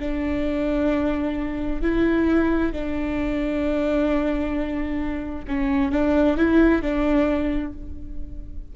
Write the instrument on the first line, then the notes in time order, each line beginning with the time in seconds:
viola
0.00 D4
1.82 E4
2.73 D4
5.48 C#4
5.92 D4
6.37 E4
6.82 D4